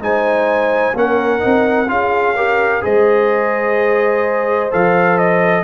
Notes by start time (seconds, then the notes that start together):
0.00 G#3 D#4 C5 G#5
0.94 A#3 C#4 A#4 F#5
1.40 C4 D#4
1.88 C#4 F4 G#4 F5
2.36 G4 A#4
2.81 G#3 G#4 C5 D#5
4.71 F3 A4 F5
5.18 D#5